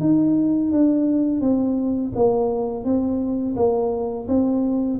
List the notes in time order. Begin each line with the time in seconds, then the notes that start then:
0.00 D#4
0.71 D4
1.41 C4
2.15 A#3
2.84 C4
3.56 A#3
4.28 C4